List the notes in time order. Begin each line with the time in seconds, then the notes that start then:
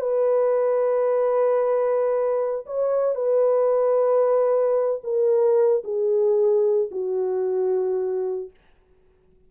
0.00 B4
2.66 C#5
3.15 B4
5.03 A#4
5.84 G#4
6.91 F#4